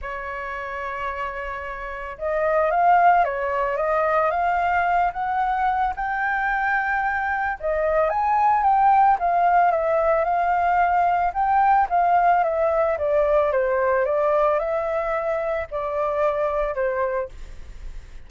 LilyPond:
\new Staff \with { instrumentName = "flute" } { \time 4/4 \tempo 4 = 111 cis''1 | dis''4 f''4 cis''4 dis''4 | f''4. fis''4. g''4~ | g''2 dis''4 gis''4 |
g''4 f''4 e''4 f''4~ | f''4 g''4 f''4 e''4 | d''4 c''4 d''4 e''4~ | e''4 d''2 c''4 | }